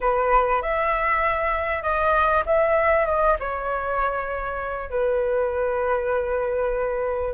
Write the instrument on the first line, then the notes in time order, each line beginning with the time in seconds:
flute
0.00 B4
0.62 E5
1.82 D#5
2.45 E5
3.06 D#5
3.39 C#5
4.90 B4